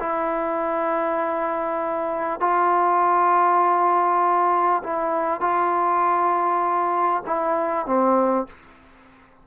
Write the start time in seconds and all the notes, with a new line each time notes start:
0.00 E4
2.40 F4
4.83 E4
5.41 F4
7.27 E4
7.86 C4